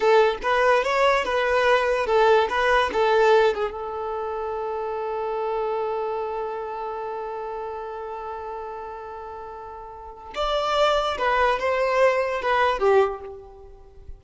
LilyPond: \new Staff \with { instrumentName = "violin" } { \time 4/4 \tempo 4 = 145 a'4 b'4 cis''4 b'4~ | b'4 a'4 b'4 a'4~ | a'8 gis'8 a'2.~ | a'1~ |
a'1~ | a'1~ | a'4 d''2 b'4 | c''2 b'4 g'4 | }